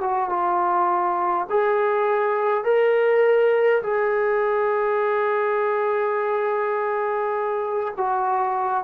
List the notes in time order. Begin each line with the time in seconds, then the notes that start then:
0.00 F#4
0.29 F4
1.49 G#4
2.64 A#4
3.82 G#4
7.97 F#4